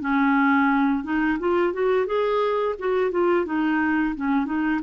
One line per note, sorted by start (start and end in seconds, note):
0.00 1.03 C#4
1.03 1.38 D#4
1.39 1.73 F4
1.73 2.06 F#4
2.06 2.75 G#4
2.78 3.11 F#4
3.11 3.45 F4
3.45 4.14 D#4
4.15 4.45 C#4
4.45 4.80 D#4